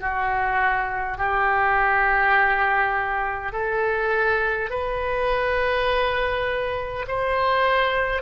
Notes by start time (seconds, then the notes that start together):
0.00 F#4
1.18 G4
3.52 A4
4.70 B4
7.07 C5